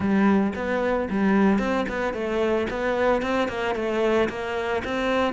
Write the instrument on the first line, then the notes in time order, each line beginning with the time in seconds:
cello
0.00 G3
0.55 B3
1.10 G3
1.58 C4
1.88 B3
2.13 A3
2.70 B3
3.21 C4
3.48 A#3
3.75 A3
4.29 A#3
4.84 C4